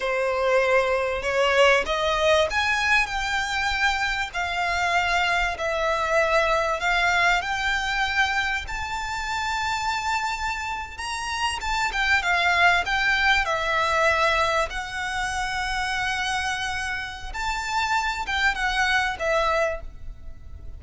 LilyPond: \new Staff \with { instrumentName = "violin" } { \time 4/4 \tempo 4 = 97 c''2 cis''4 dis''4 | gis''4 g''2 f''4~ | f''4 e''2 f''4 | g''2 a''2~ |
a''4.~ a''16 ais''4 a''8 g''8 f''16~ | f''8. g''4 e''2 fis''16~ | fis''1 | a''4. g''8 fis''4 e''4 | }